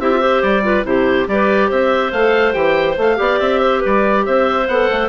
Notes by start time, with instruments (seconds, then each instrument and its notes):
0.00 bassoon C4, clarinet E4 G4, oboe E5
0.11 clarinet F4
0.20 clarinet G4 C5
0.43 bassoon G3, oboe D5
0.63 clarinet F4 B4
0.84 bassoon C3, clarinet E4 G4, oboe C5
1.27 bassoon G3, clarinet G4 B4, oboe D5
1.69 bassoon C4, clarinet C5, oboe E5
2.12 bassoon A3, clarinet A4, oboe F5
2.53 bassoon E3, clarinet G4, oboe G5
2.98 bassoon A3, clarinet A4, oboe F5
3.17 bassoon B3, clarinet G4 D5
3.40 bassoon C4, oboe E5
3.62 clarinet C5
3.81 bassoon G3, clarinet B4, oboe D5
4.26 bassoon C4, clarinet C5, oboe E5
4.68 bassoon B3, clarinet A4, oboe F#5
4.91 bassoon A3